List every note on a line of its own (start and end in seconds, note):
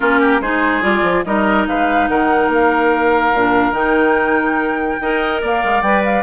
0.00 0.40 A#3
0.00 0.42 C#4
0.00 0.20 F4
0.00 0.41 A#4
0.20 0.40 G4
0.40 0.82 G#3
0.40 0.81 D#4
0.40 1.24 G#4
0.40 0.82 C5
0.81 1.02 G3
0.81 1.23 F4
0.81 1.24 D5
1.02 1.23 F3
1.24 1.67 G3
1.24 3.34 D#4
1.24 1.68 A#4
1.24 1.66 D#5
1.67 2.08 G#3
1.67 2.09 B4
1.67 2.08 F5
2.08 2.48 D#3
2.08 5.01 A#4
2.08 2.49 F#5
2.48 3.31 A#3
2.48 3.74 F5
3.33 3.71 A#2
3.33 3.72 D4
3.71 4.96 D#3
3.71 4.97 D#4
3.71 5.40 G5
5.01 5.43 D#4
5.01 5.84 A#4
5.01 5.41 D#5
5.41 5.63 A#3
5.41 6.22 D5
5.41 5.82 F5
5.64 5.82 G#3
5.82 6.22 G3
5.82 6.22 B4
5.82 6.03 G5
6.04 6.22 F5